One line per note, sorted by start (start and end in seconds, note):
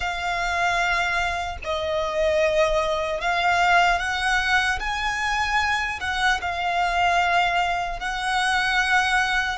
0.00 1.57 F5
1.64 3.20 D#5
3.20 3.99 F5
3.99 4.79 F#5
4.79 5.99 G#5
6.00 6.40 F#5
6.41 7.99 F5
7.99 9.57 F#5